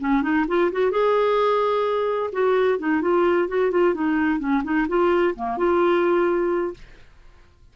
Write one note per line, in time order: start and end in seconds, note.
0.00 0.23 C#4
0.23 0.46 D#4
0.48 0.71 F4
0.72 0.91 F#4
0.91 2.31 G#4
2.33 2.79 F#4
2.79 3.02 D#4
3.02 3.49 F4
3.49 3.71 F#4
3.71 3.95 F4
3.95 4.40 D#4
4.40 4.63 C#4
4.64 4.87 D#4
4.88 5.35 F4
5.36 5.58 A#3
5.58 6.74 F4